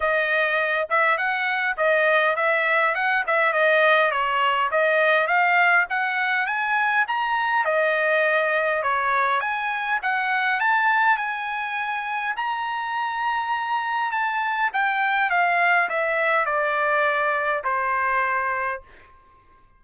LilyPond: \new Staff \with { instrumentName = "trumpet" } { \time 4/4 \tempo 4 = 102 dis''4. e''8 fis''4 dis''4 | e''4 fis''8 e''8 dis''4 cis''4 | dis''4 f''4 fis''4 gis''4 | ais''4 dis''2 cis''4 |
gis''4 fis''4 a''4 gis''4~ | gis''4 ais''2. | a''4 g''4 f''4 e''4 | d''2 c''2 | }